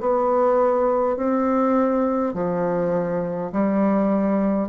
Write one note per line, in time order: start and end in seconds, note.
0.00 1.17 B3
1.17 2.34 C4
2.34 3.51 F3
3.52 4.68 G3